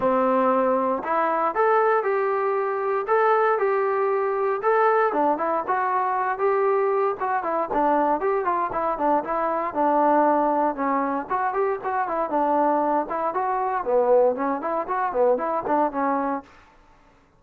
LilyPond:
\new Staff \with { instrumentName = "trombone" } { \time 4/4 \tempo 4 = 117 c'2 e'4 a'4 | g'2 a'4 g'4~ | g'4 a'4 d'8 e'8 fis'4~ | fis'8 g'4. fis'8 e'8 d'4 |
g'8 f'8 e'8 d'8 e'4 d'4~ | d'4 cis'4 fis'8 g'8 fis'8 e'8 | d'4. e'8 fis'4 b4 | cis'8 e'8 fis'8 b8 e'8 d'8 cis'4 | }